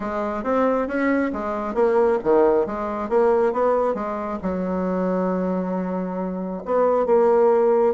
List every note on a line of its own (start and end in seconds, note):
0.00 0.43 G#3
0.43 0.87 C4
0.87 1.31 C#4
1.32 1.74 G#3
1.74 2.18 A#3
2.23 2.66 D#3
2.66 3.09 G#3
3.09 3.52 A#3
3.52 3.94 B3
3.94 4.38 G#3
4.42 6.63 F#3
6.65 7.06 B3
7.06 7.94 A#3